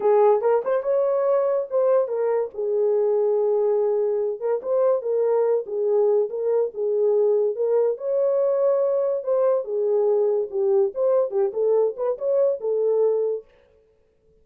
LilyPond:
\new Staff \with { instrumentName = "horn" } { \time 4/4 \tempo 4 = 143 gis'4 ais'8 c''8 cis''2 | c''4 ais'4 gis'2~ | gis'2~ gis'8 ais'8 c''4 | ais'4. gis'4. ais'4 |
gis'2 ais'4 cis''4~ | cis''2 c''4 gis'4~ | gis'4 g'4 c''4 g'8 a'8~ | a'8 b'8 cis''4 a'2 | }